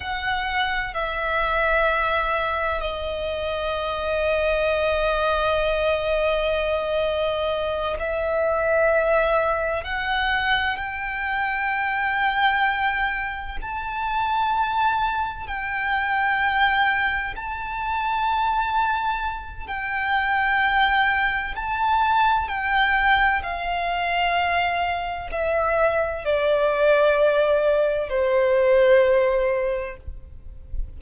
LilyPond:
\new Staff \with { instrumentName = "violin" } { \time 4/4 \tempo 4 = 64 fis''4 e''2 dis''4~ | dis''1~ | dis''8 e''2 fis''4 g''8~ | g''2~ g''8 a''4.~ |
a''8 g''2 a''4.~ | a''4 g''2 a''4 | g''4 f''2 e''4 | d''2 c''2 | }